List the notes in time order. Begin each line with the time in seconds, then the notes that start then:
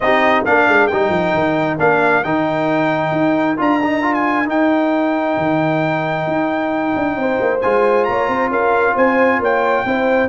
0.00 C4 D#4 G4 D#5
0.45 A#3 D4 A#4 F5
0.68 G#3
0.87 G3 D#4 G5
1.09 F3
1.33 D#3
1.78 A#3 D4 F5
2.23 D#3 D#4 G5
3.11 D#4
3.57 D4 F4 A#5
3.82 D#4
4.02 F4
4.14 G#5
4.45 D#4 G5
5.37 D#3
6.26 D#4
6.95 D4
7.16 C4 C5
7.40 A#3
7.61 G#3 F4 G#5
8.04 A#3 C#5 A#5
8.28 C4 C5
8.49 C#4 A#4 F5
8.95 C4 C5 G#5
9.39 A#3 C#5 G5
9.85 C4 E4 C5